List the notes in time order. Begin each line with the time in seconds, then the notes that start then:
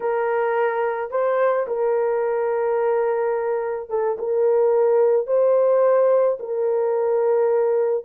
0.00 A#4
1.11 C5
1.67 A#4
3.89 A4
4.18 A#4
5.26 C5
6.39 A#4